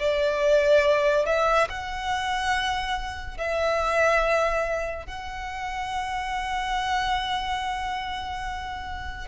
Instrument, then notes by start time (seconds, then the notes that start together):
violin
0.00 D5
1.26 E5
1.70 F#5
3.38 E5
5.07 F#5